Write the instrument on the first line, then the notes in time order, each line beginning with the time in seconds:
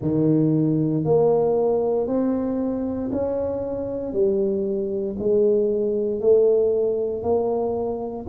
tuba
0.01 D#3
1.04 A#3
2.07 C4
3.11 C#4
4.12 G3
5.19 G#3
6.20 A3
7.22 A#3